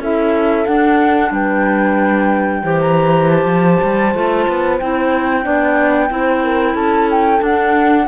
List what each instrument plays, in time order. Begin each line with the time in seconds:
0.00 cello C#4, clarinet E4, horn A4, flute E5
0.66 clarinet D4, cello D4, flute F#5
1.31 cello G3, horn B4, flute G5
2.64 cello E3, clarinet G4, horn C5
2.81 flute A#5
3.30 flute A5
3.45 cello F3
3.84 cello G3
4.15 cello A3, clarinet F4
4.48 cello B3
4.80 cello C4, clarinet E4, flute G5
5.44 cello B3, clarinet D4, horn D5
6.10 cello C4, clarinet E4, horn C5
6.45 horn A#4
6.74 cello C#4, horn A4, flute A5
7.11 flute G5
7.39 clarinet D4, cello D4, flute F#5